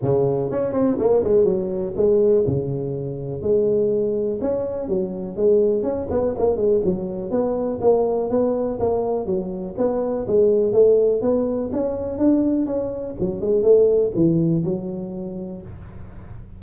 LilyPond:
\new Staff \with { instrumentName = "tuba" } { \time 4/4 \tempo 4 = 123 cis4 cis'8 c'8 ais8 gis8 fis4 | gis4 cis2 gis4~ | gis4 cis'4 fis4 gis4 | cis'8 b8 ais8 gis8 fis4 b4 |
ais4 b4 ais4 fis4 | b4 gis4 a4 b4 | cis'4 d'4 cis'4 fis8 gis8 | a4 e4 fis2 | }